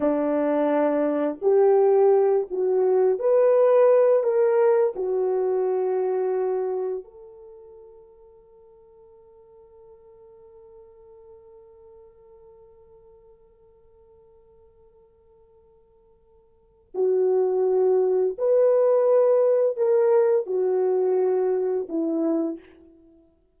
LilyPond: \new Staff \with { instrumentName = "horn" } { \time 4/4 \tempo 4 = 85 d'2 g'4. fis'8~ | fis'8 b'4. ais'4 fis'4~ | fis'2 a'2~ | a'1~ |
a'1~ | a'1 | fis'2 b'2 | ais'4 fis'2 e'4 | }